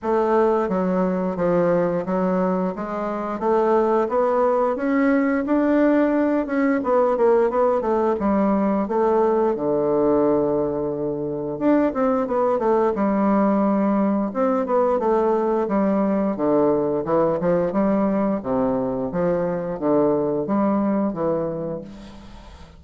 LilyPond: \new Staff \with { instrumentName = "bassoon" } { \time 4/4 \tempo 4 = 88 a4 fis4 f4 fis4 | gis4 a4 b4 cis'4 | d'4. cis'8 b8 ais8 b8 a8 | g4 a4 d2~ |
d4 d'8 c'8 b8 a8 g4~ | g4 c'8 b8 a4 g4 | d4 e8 f8 g4 c4 | f4 d4 g4 e4 | }